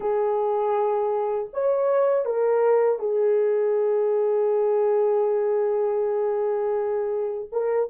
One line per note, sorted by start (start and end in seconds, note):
0.00 1.49 G#4
1.53 2.25 C#5
2.25 2.99 A#4
2.99 7.49 G#4
7.52 7.89 A#4